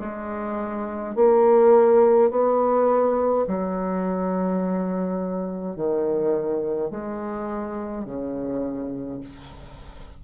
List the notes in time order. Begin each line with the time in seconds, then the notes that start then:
0.00 G#3
1.15 A#3
2.31 B3
3.48 F#3
5.76 D#3
6.91 G#3
8.05 C#3